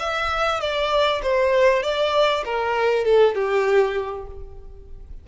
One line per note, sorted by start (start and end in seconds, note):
0.00 0.61 E5
0.61 1.22 D5
1.23 1.83 C5
1.83 2.44 D5
2.45 3.05 A#4
3.05 3.35 A4
3.35 4.27 G4